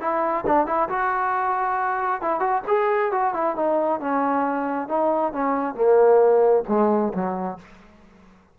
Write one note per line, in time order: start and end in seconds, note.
0.00 0.44 E4
0.46 0.66 D4
0.66 0.89 E4
0.89 2.21 F#4
2.21 2.40 E4
2.40 2.62 F#4
2.67 3.12 G#4
3.12 3.34 F#4
3.34 3.56 E4
3.56 4.00 D#4
4.00 4.88 C#4
4.88 5.33 D#4
5.33 5.75 C#4
5.75 6.63 A#3
6.68 7.13 G#3
7.14 7.58 F#3